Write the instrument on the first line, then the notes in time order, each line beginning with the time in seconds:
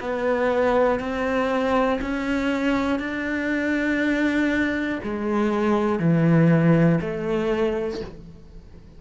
cello
0.00 B3
0.99 C4
2.01 C#4
2.99 D4
5.03 G#3
5.99 E3
7.00 A3